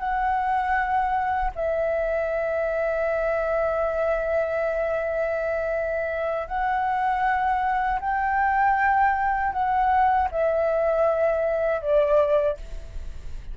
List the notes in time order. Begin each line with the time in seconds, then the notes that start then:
0.00 F#5
1.56 E5
6.48 F#5
8.01 G5
9.53 F#5
10.32 E5
11.82 D5